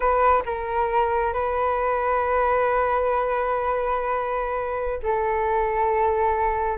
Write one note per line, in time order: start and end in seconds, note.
0.00 0.42 B4
0.45 1.33 A#4
1.33 4.99 B4
5.02 6.77 A4